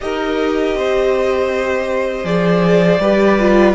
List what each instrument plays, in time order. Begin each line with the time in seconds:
0.00 cello D#4, viola G4, violin A#4 D#5
0.74 cello C4, violin C5
2.24 cello F3, viola G#4, violin D5
2.99 cello G3, viola G4, violin B4
3.39 viola F4